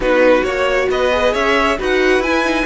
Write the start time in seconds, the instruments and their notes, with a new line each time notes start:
0.00 cello B3, viola D#4, violin F#4 B4
0.43 cello A#3, viola F#4, violin C#5
0.89 cello B3, violin B4 D#5
1.11 viola G#4
1.33 cello C#4, violin C#5 E5
1.78 cello D#4, viola F#4, violin B4 F#5
2.19 cello E4, viola E4, violin G#5
2.44 viola D#4